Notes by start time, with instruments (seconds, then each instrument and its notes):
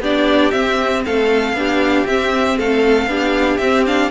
0.00 cello B3, viola D4, violin G4 D5
0.51 viola C4, cello C4, violin E5
1.05 cello A3, violin A4 F5
1.53 cello B3, viola D4, violin G4
2.07 cello C4, viola C4, violin E5
2.58 cello A3, violin A4 F5
3.07 cello B3, viola D4, violin G4
3.58 cello C4, viola C4, violin E5
3.87 viola D4, violin F5